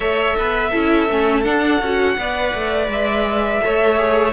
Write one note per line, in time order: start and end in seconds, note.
0.00 0.35 A3
0.00 0.72 A4
0.00 0.36 C#5
0.00 1.44 E5
0.37 0.73 B3
0.37 0.70 B4
0.70 1.09 C#4
0.70 1.08 E4
0.70 2.15 A4
1.08 1.45 A3
1.08 1.43 C#4
1.43 1.79 D4
1.43 1.80 D4
1.43 2.88 F#5
1.80 2.16 C#4
1.80 2.17 F#4
2.17 2.53 B3
2.17 3.61 B4
2.17 3.63 D5
2.54 2.87 A3
2.87 3.59 G#3
2.87 4.33 E5
3.61 4.33 A3
3.61 3.96 A4
3.61 4.33 C#5
3.96 4.32 G#4